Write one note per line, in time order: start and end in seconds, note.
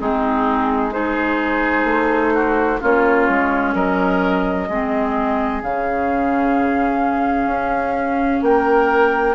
0.00 1.85 G#3
0.00 0.91 C4
0.00 0.94 D#4
0.00 0.93 G#4
0.91 2.79 D#4
0.91 2.34 G#4
0.91 2.80 C5
1.85 2.78 A3
2.34 2.80 F#4
2.80 3.29 A#3
2.80 4.69 C#4
2.80 3.74 F4
2.80 3.75 C#5
3.29 3.74 G#3
3.74 4.68 F#3
3.74 4.69 A#4
3.74 5.62 D#5
4.69 5.62 G#3
4.69 5.64 C4
4.69 8.44 G#4
5.62 7.46 C#3
5.62 9.35 C#4
5.62 8.44 F5
7.46 8.40 C#4
8.42 9.35 A#3
8.42 9.35 A#4
8.42 9.35 G5